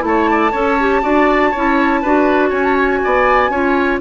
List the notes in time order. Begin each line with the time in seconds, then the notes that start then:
0.00 A3 E4 A5
0.07 C#5
0.30 D5
0.51 C#4 A4 C#5
0.80 G4
1.02 D4 F#4 D5
1.51 C#4 E4 C#5
2.02 D4 F#4 B4
2.49 C#4 C#5 G#5
2.63 A5
2.74 G#5
3.04 B3 D5
3.49 C#4 F4 C#5